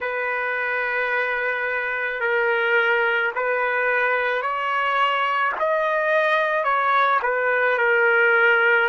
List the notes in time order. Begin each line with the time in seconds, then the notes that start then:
0.00 B4
2.20 A#4
3.35 B4
4.41 C#5
5.59 D#5
6.64 C#5
7.22 B4
7.78 A#4